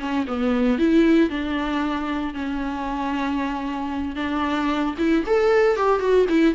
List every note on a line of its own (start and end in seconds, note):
0.00 0.26 C#4
0.28 0.79 B3
0.79 1.30 E4
1.30 2.34 D4
2.34 4.16 C#4
4.16 4.95 D4
4.98 5.25 E4
5.27 5.77 A4
5.77 6.00 G4
6.00 6.26 F#4
6.29 6.55 E4